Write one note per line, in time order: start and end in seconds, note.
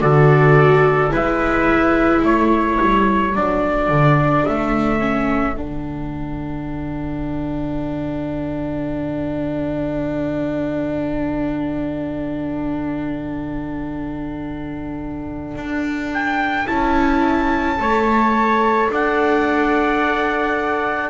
0.00 1.12 D3
0.00 1.10 F#4
0.00 1.12 A4
0.00 1.11 D5
1.10 2.22 G#3
1.10 3.32 E4
1.10 2.23 B4
1.10 2.25 E5
2.22 2.78 A3
2.22 17.78 A4
2.22 3.35 C#5
2.81 3.35 G3
3.35 3.88 F#3
3.35 4.99 D4
3.35 4.45 D5
3.88 4.44 D3
4.45 5.58 A3
4.45 5.56 E5
4.99 5.54 C#4
5.56 15.55 D3
5.56 16.66 D4
5.56 16.12 F#5
15.55 16.66 D4
16.13 16.67 G5
16.66 17.79 C#4
16.66 17.77 E4
16.66 18.89 A5
17.77 18.89 A3
17.77 21.09 A4
17.77 18.91 C#5
18.89 21.09 D4
18.89 21.09 D5
18.89 21.09 F#5